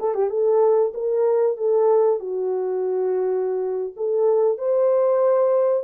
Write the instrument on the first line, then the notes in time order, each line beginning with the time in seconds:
horn
0.00 A4
0.15 G4
0.30 A4
0.94 A#4
1.57 A4
2.20 F#4
3.96 A4
4.58 C5